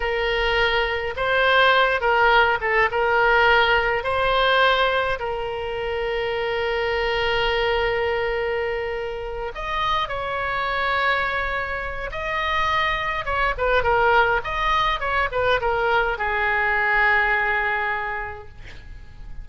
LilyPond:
\new Staff \with { instrumentName = "oboe" } { \time 4/4 \tempo 4 = 104 ais'2 c''4. ais'8~ | ais'8 a'8 ais'2 c''4~ | c''4 ais'2.~ | ais'1~ |
ais'8 dis''4 cis''2~ cis''8~ | cis''4 dis''2 cis''8 b'8 | ais'4 dis''4 cis''8 b'8 ais'4 | gis'1 | }